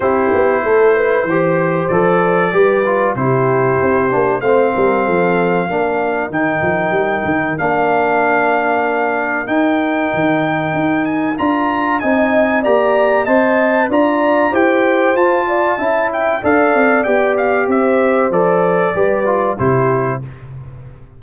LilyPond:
<<
  \new Staff \with { instrumentName = "trumpet" } { \time 4/4 \tempo 4 = 95 c''2. d''4~ | d''4 c''2 f''4~ | f''2 g''2 | f''2. g''4~ |
g''4. gis''8 ais''4 gis''4 | ais''4 a''4 ais''4 g''4 | a''4. g''8 f''4 g''8 f''8 | e''4 d''2 c''4 | }
  \new Staff \with { instrumentName = "horn" } { \time 4/4 g'4 a'8 b'8 c''2 | b'4 g'2 c''8 ais'8 | a'4 ais'2.~ | ais'1~ |
ais'2. dis''4 | d''4 dis''4 d''4 c''4~ | c''8 d''8 e''4 d''2 | c''2 b'4 g'4 | }
  \new Staff \with { instrumentName = "trombone" } { \time 4/4 e'2 g'4 a'4 | g'8 f'8 e'4. d'8 c'4~ | c'4 d'4 dis'2 | d'2. dis'4~ |
dis'2 f'4 dis'4 | g'4 c''4 f'4 g'4 | f'4 e'4 a'4 g'4~ | g'4 a'4 g'8 f'8 e'4 | }
  \new Staff \with { instrumentName = "tuba" } { \time 4/4 c'8 b8 a4 e4 f4 | g4 c4 c'8 ais8 a8 g8 | f4 ais4 dis8 f8 g8 dis8 | ais2. dis'4 |
dis4 dis'4 d'4 c'4 | ais4 c'4 d'4 e'4 | f'4 cis'4 d'8 c'8 b4 | c'4 f4 g4 c4 | }
>>